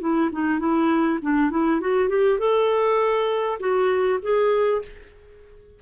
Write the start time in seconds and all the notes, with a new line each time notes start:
0.00 E4
0.32 D#4
0.59 E4
1.22 D4
1.51 E4
1.81 F#4
2.09 G4
2.39 A4
3.60 F#4
4.22 G#4